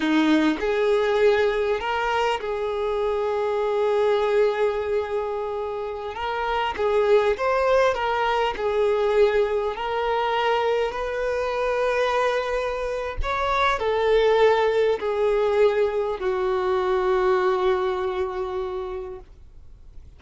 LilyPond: \new Staff \with { instrumentName = "violin" } { \time 4/4 \tempo 4 = 100 dis'4 gis'2 ais'4 | gis'1~ | gis'2~ gis'16 ais'4 gis'8.~ | gis'16 c''4 ais'4 gis'4.~ gis'16~ |
gis'16 ais'2 b'4.~ b'16~ | b'2 cis''4 a'4~ | a'4 gis'2 fis'4~ | fis'1 | }